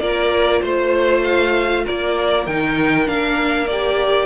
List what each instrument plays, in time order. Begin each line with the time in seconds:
0.00 cello A#3, viola F4, violin A#4 D5
0.62 cello A3, violin C5
1.24 violin F5
1.85 cello A#3, violin A#4 D5
2.47 cello D#3, viola D#4, violin G5
3.06 cello A#3, viola D4, violin F5
3.67 viola G4, violin D5